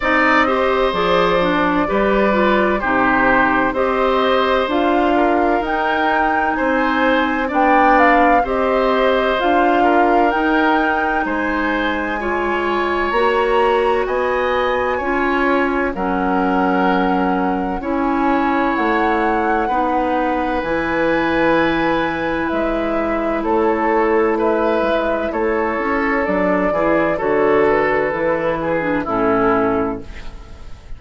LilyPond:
<<
  \new Staff \with { instrumentName = "flute" } { \time 4/4 \tempo 4 = 64 dis''4 d''2 c''4 | dis''4 f''4 g''4 gis''4 | g''8 f''8 dis''4 f''4 g''4 | gis''2 ais''4 gis''4~ |
gis''4 fis''2 gis''4 | fis''2 gis''2 | e''4 cis''4 e''4 cis''4 | d''4 cis''8 b'4. a'4 | }
  \new Staff \with { instrumentName = "oboe" } { \time 4/4 d''8 c''4. b'4 g'4 | c''4. ais'4. c''4 | d''4 c''4. ais'4. | c''4 cis''2 dis''4 |
cis''4 ais'2 cis''4~ | cis''4 b'2.~ | b'4 a'4 b'4 a'4~ | a'8 gis'8 a'4. gis'8 e'4 | }
  \new Staff \with { instrumentName = "clarinet" } { \time 4/4 dis'8 g'8 gis'8 d'8 g'8 f'8 dis'4 | g'4 f'4 dis'2 | d'4 g'4 f'4 dis'4~ | dis'4 f'4 fis'2 |
f'4 cis'2 e'4~ | e'4 dis'4 e'2~ | e'1 | d'8 e'8 fis'4 e'8. d'16 cis'4 | }
  \new Staff \with { instrumentName = "bassoon" } { \time 4/4 c'4 f4 g4 c4 | c'4 d'4 dis'4 c'4 | b4 c'4 d'4 dis'4 | gis2 ais4 b4 |
cis'4 fis2 cis'4 | a4 b4 e2 | gis4 a4. gis8 a8 cis'8 | fis8 e8 d4 e4 a,4 | }
>>